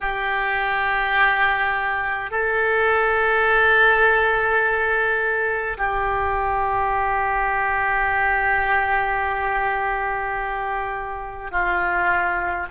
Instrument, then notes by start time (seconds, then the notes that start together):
oboe
0.00 G4
2.31 A4
5.77 G4
11.51 F4